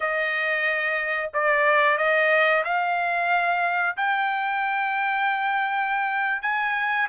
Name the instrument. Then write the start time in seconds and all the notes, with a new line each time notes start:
trumpet
0.00 D#5
1.33 D5
1.97 D#5
2.64 F5
3.97 G5
6.41 G#5